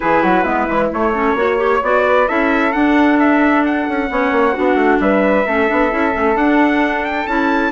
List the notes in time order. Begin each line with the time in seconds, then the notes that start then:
0.00 E3 E4 G#4 B4
0.22 F#3 F#4
0.43 G#3 B3 E4
0.67 E3 G#3
0.91 A3 C#5
1.13 C#4 A4
1.34 A#3 F#4 C#5
1.57 G4
1.82 B3 F#4 D5
2.07 B4
2.27 C#4 E4 A4 E5
2.72 D4 F#5
3.19 E5
3.65 F#5
3.88 C#4
4.07 B3 C#4 C#5
4.31 A#3
4.53 B3 D4 F#4
4.74 A3
4.99 G3 B4 E5
5.46 A3 C#4 A4
5.67 B3 D4
5.90 C#4 E4
6.11 A3 C#4
6.35 D4 F#5
7.05 G5
7.26 C#4 E4 A5